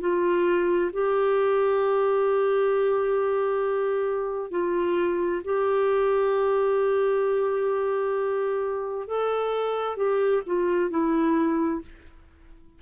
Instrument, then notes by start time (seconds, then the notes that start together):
clarinet
0.00 F4
0.92 G4
4.50 F4
5.44 G4
9.07 A4
9.96 G4
10.46 F4
10.90 E4